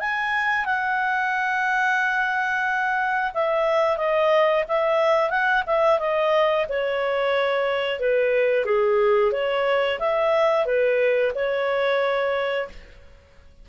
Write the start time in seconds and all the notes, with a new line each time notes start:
0.00 G#5
0.66 F#5
3.34 E5
3.98 D#5
4.68 E5
5.30 F#5
5.67 E5
5.99 D#5
6.69 C#5
8.00 B4
8.66 G#4
9.32 C#5
9.99 E5
10.66 B4
11.35 C#5